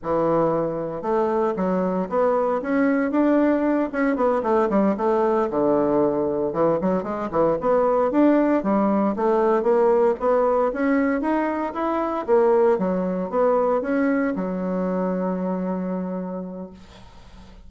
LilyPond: \new Staff \with { instrumentName = "bassoon" } { \time 4/4 \tempo 4 = 115 e2 a4 fis4 | b4 cis'4 d'4. cis'8 | b8 a8 g8 a4 d4.~ | d8 e8 fis8 gis8 e8 b4 d'8~ |
d'8 g4 a4 ais4 b8~ | b8 cis'4 dis'4 e'4 ais8~ | ais8 fis4 b4 cis'4 fis8~ | fis1 | }